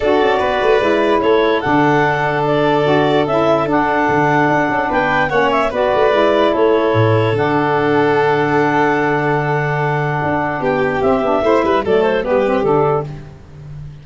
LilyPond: <<
  \new Staff \with { instrumentName = "clarinet" } { \time 4/4 \tempo 4 = 147 d''2. cis''4 | fis''2 d''2 | e''4 fis''2. | g''4 fis''8 e''8 d''2 |
cis''2 fis''2~ | fis''1~ | fis''2 g''4 e''4~ | e''4 d''8 c''8 b'4 a'4 | }
  \new Staff \with { instrumentName = "violin" } { \time 4/4 a'4 b'2 a'4~ | a'1~ | a'1 | b'4 cis''4 b'2 |
a'1~ | a'1~ | a'2 g'2 | c''8 b'8 a'4 g'2 | }
  \new Staff \with { instrumentName = "saxophone" } { \time 4/4 fis'2 e'2 | d'2. fis'4 | e'4 d'2.~ | d'4 cis'4 fis'4 e'4~ |
e'2 d'2~ | d'1~ | d'2. c'8 d'8 | e'4 a4 b8 c'8 d'4 | }
  \new Staff \with { instrumentName = "tuba" } { \time 4/4 d'8 cis'8 b8 a8 gis4 a4 | d2. d'4 | cis'4 d'4 d4 d'8 cis'8 | b4 ais4 b8 a8 gis4 |
a4 a,4 d2~ | d1~ | d4 d'4 b4 c'8 b8 | a8 g8 fis4 g4 d4 | }
>>